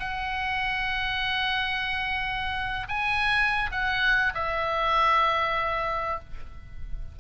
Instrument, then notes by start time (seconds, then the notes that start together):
oboe
0.00 F#5
2.89 G#5
3.72 F#5
4.35 E5